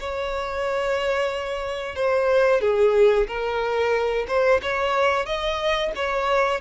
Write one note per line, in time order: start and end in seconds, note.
0.00 1.96 C#5
1.96 2.61 C5
2.61 3.27 G#4
3.28 4.26 A#4
4.28 4.61 C5
4.63 5.26 C#5
5.26 5.92 D#5
5.96 6.61 C#5